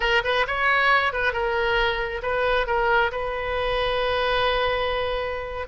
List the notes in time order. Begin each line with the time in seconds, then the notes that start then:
0.00 A#4
0.23 B4
0.47 C#5
1.12 B4
1.32 A#4
2.22 B4
2.66 A#4
3.11 B4